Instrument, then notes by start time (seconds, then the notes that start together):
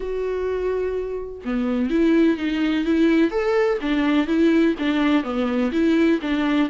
viola
0.00 F#4
1.45 B3
1.89 E4
2.37 D#4
2.84 E4
3.31 A4
3.81 D4
4.27 E4
4.79 D4
5.23 B3
5.71 E4
6.21 D4